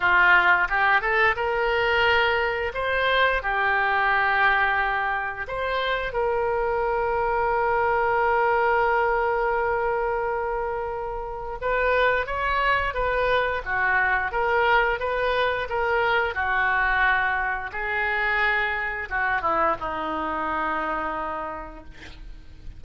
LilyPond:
\new Staff \with { instrumentName = "oboe" } { \time 4/4 \tempo 4 = 88 f'4 g'8 a'8 ais'2 | c''4 g'2. | c''4 ais'2.~ | ais'1~ |
ais'4 b'4 cis''4 b'4 | fis'4 ais'4 b'4 ais'4 | fis'2 gis'2 | fis'8 e'8 dis'2. | }